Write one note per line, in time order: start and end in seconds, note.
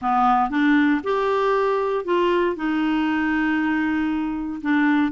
0.01 0.50 B3
0.50 1.01 D4
1.03 2.05 G4
2.05 2.55 F4
2.55 4.61 D#4
4.61 5.12 D4